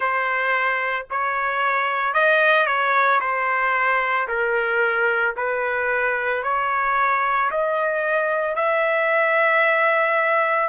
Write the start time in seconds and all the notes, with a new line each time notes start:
0.00 C5
1.10 C#5
2.13 D#5
2.66 C#5
3.20 C5
4.28 A#4
5.36 B4
6.43 C#5
7.50 D#5
8.55 E5